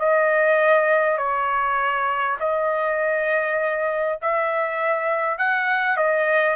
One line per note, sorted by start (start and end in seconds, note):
0.00 1.18 D#5
1.18 2.38 C#5
2.40 4.20 D#5
4.22 5.38 E5
5.38 5.97 F#5
5.97 6.57 D#5